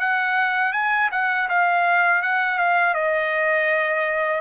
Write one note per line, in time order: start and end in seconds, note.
0.00 0.73 F#5
0.73 1.10 G#5
1.12 1.49 F#5
1.49 2.23 F5
2.23 2.59 F#5
2.59 2.95 F5
2.95 4.41 D#5